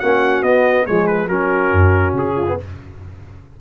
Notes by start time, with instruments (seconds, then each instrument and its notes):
0.00 tuba A#3, trombone C#4, horn F#4, trumpet F#5
0.42 tuba B3, trombone B3, trumpet D#5
0.86 tuba F3, trombone G#3, horn G#4, trumpet C#5
1.07 trumpet B4
1.28 tuba F#3, trombone C#4, horn F#4, trumpet A#4
1.72 tuba F#2
2.13 tuba C#3, trumpet G#4
2.36 horn F4
2.47 trombone B3